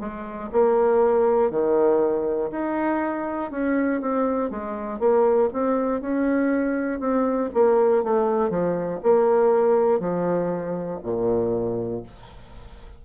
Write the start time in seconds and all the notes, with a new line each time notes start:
0.00 G#3
0.52 A#3
1.50 D#3
2.51 D#4
3.51 C#4
4.01 C4
4.50 G#3
4.99 A#3
5.53 C4
6.01 C#4
7.00 C4
7.54 A#3
8.03 A3
8.50 F3
9.03 A#3
10.00 F3
11.03 A#2